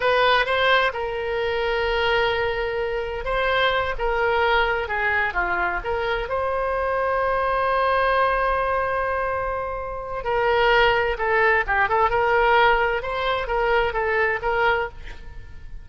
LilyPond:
\new Staff \with { instrumentName = "oboe" } { \time 4/4 \tempo 4 = 129 b'4 c''4 ais'2~ | ais'2. c''4~ | c''8 ais'2 gis'4 f'8~ | f'8 ais'4 c''2~ c''8~ |
c''1~ | c''2 ais'2 | a'4 g'8 a'8 ais'2 | c''4 ais'4 a'4 ais'4 | }